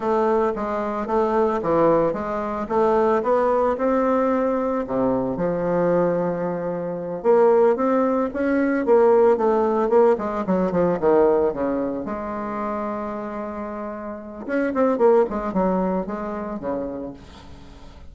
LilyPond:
\new Staff \with { instrumentName = "bassoon" } { \time 4/4 \tempo 4 = 112 a4 gis4 a4 e4 | gis4 a4 b4 c'4~ | c'4 c4 f2~ | f4. ais4 c'4 cis'8~ |
cis'8 ais4 a4 ais8 gis8 fis8 | f8 dis4 cis4 gis4.~ | gis2. cis'8 c'8 | ais8 gis8 fis4 gis4 cis4 | }